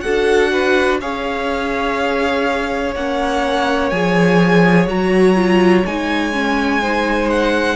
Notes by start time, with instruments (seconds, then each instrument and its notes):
0.00 cello D4, viola F#4, violin A4 F#5
0.52 violin B4
1.00 cello C#4, viola G#4, violin C#5 F5
2.95 cello A#3, viola C#4, violin F#5
3.89 cello F3, viola G#4, violin G#5
4.86 cello F#3, viola F#4, violin A#5
5.35 viola F4
5.85 cello G#3, viola D#4, violin G#5
6.32 viola C#4
6.81 viola D#4, violin C5
7.29 violin F#5